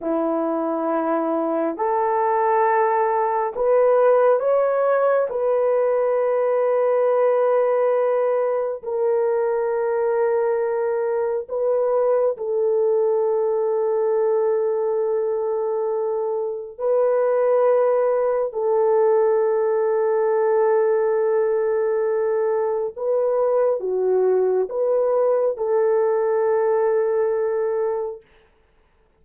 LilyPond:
\new Staff \with { instrumentName = "horn" } { \time 4/4 \tempo 4 = 68 e'2 a'2 | b'4 cis''4 b'2~ | b'2 ais'2~ | ais'4 b'4 a'2~ |
a'2. b'4~ | b'4 a'2.~ | a'2 b'4 fis'4 | b'4 a'2. | }